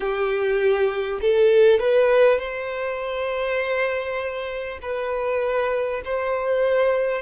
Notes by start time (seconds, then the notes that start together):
0.00 G4
1.21 A4
1.79 B4
2.38 C5
4.82 B4
6.04 C5